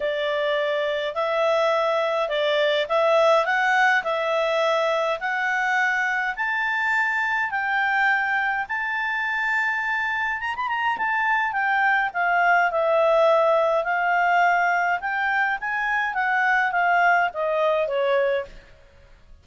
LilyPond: \new Staff \with { instrumentName = "clarinet" } { \time 4/4 \tempo 4 = 104 d''2 e''2 | d''4 e''4 fis''4 e''4~ | e''4 fis''2 a''4~ | a''4 g''2 a''4~ |
a''2 ais''16 b''16 ais''8 a''4 | g''4 f''4 e''2 | f''2 g''4 gis''4 | fis''4 f''4 dis''4 cis''4 | }